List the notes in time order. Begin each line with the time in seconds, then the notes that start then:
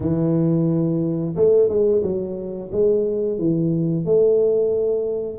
0.00 E3
1.35 A3
1.69 G#3
2.02 F#3
2.72 G#3
3.38 E3
4.04 A3